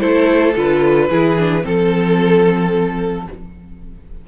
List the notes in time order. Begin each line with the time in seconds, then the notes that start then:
0.00 A3 E4 A4 C5
0.56 D3 F4 B4
1.10 E3 E4 G#4
1.39 D4
1.63 F3 C4 A4